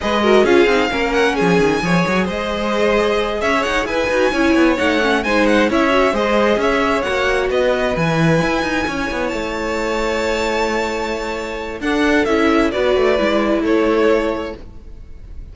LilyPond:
<<
  \new Staff \with { instrumentName = "violin" } { \time 4/4 \tempo 4 = 132 dis''4 f''4. fis''8 gis''4~ | gis''4 dis''2~ dis''8 e''8 | fis''8 gis''2 fis''4 gis''8 | fis''8 e''4 dis''4 e''4 fis''8~ |
fis''8 dis''4 gis''2~ gis''8~ | gis''8 a''2.~ a''8~ | a''2 fis''4 e''4 | d''2 cis''2 | }
  \new Staff \with { instrumentName = "violin" } { \time 4/4 b'8 ais'8 gis'4 ais'4 gis'4 | cis''4 c''2~ c''8 cis''8~ | cis''8 b'4 cis''2 c''8~ | c''8 cis''4 c''4 cis''4.~ |
cis''8 b'2. cis''8~ | cis''1~ | cis''2 a'2 | b'2 a'2 | }
  \new Staff \with { instrumentName = "viola" } { \time 4/4 gis'8 fis'8 f'8 dis'8 cis'2 | gis'1~ | gis'4 fis'8 e'4 dis'8 cis'8 dis'8~ | dis'8 e'8 fis'8 gis'2 fis'8~ |
fis'4. e'2~ e'8~ | e'1~ | e'2 d'4 e'4 | fis'4 e'2. | }
  \new Staff \with { instrumentName = "cello" } { \time 4/4 gis4 cis'8 c'8 ais4 f8 dis8 | f8 fis8 gis2~ gis8 cis'8 | dis'8 e'8 dis'8 cis'8 b8 a4 gis8~ | gis8 cis'4 gis4 cis'4 ais8~ |
ais8 b4 e4 e'8 dis'8 cis'8 | b8 a2.~ a8~ | a2 d'4 cis'4 | b8 a8 gis4 a2 | }
>>